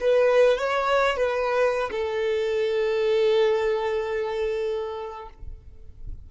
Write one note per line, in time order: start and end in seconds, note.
0.00 0.58 B4
0.58 1.16 C#5
1.16 1.90 B4
1.91 5.29 A4